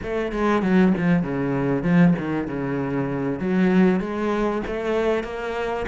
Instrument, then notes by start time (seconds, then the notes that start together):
cello
0.02 A3
0.32 G#3
0.62 F#3
0.97 F3
1.22 C#3
1.82 F3
2.18 D#3
2.47 C#3
3.39 F#3
4.00 G#3
4.66 A3
5.23 A#3